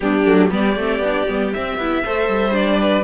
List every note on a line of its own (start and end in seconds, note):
0.00 0.26 G3
0.00 0.25 B3
0.00 0.50 D4
0.00 0.50 G4
0.25 0.50 F#3
0.25 0.50 A3
0.50 0.76 G3
0.50 0.75 B3
0.50 2.02 G4
0.50 1.53 D5
0.76 0.98 A3
0.76 1.03 C4
0.98 1.24 B3
0.98 1.28 D4
1.28 1.54 G3
1.28 1.53 B3
1.53 1.79 C4
1.53 1.77 C4
1.53 2.54 E5
1.77 2.02 B3
1.77 2.05 E4
2.04 2.28 A3
2.04 2.51 A4
2.04 2.79 C5
2.28 3.03 G3
2.51 3.02 D4
2.51 3.03 D5
2.79 3.03 B4